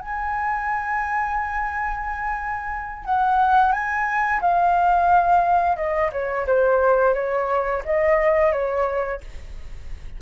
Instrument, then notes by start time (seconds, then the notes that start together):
flute
0.00 G#5
3.05 F#5
3.72 G#5
4.41 F5
5.76 D#5
6.12 C#5
6.46 C5
7.14 C#5
7.85 D#5
8.52 C#5